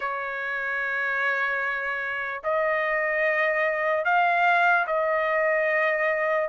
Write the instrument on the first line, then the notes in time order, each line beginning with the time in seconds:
trumpet
0.00 C#5
2.43 D#5
4.04 F5
4.86 D#5